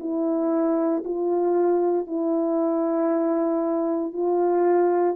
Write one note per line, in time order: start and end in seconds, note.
0.00 1.03 E4
1.05 2.07 F4
2.07 4.13 E4
4.13 5.16 F4